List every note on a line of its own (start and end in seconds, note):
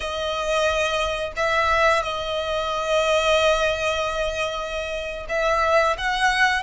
0.00 1.32 D#5
1.36 2.02 E5
2.02 5.26 D#5
5.28 5.97 E5
5.97 6.62 F#5